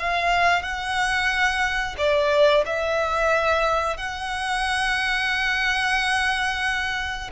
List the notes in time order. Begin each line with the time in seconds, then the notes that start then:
0.00 F5
0.62 F#5
1.98 D5
2.66 E5
3.97 F#5